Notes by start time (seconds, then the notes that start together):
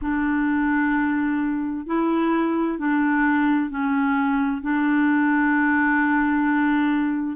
0.01 D4
1.86 E4
2.78 D4
3.70 C#4
4.62 D4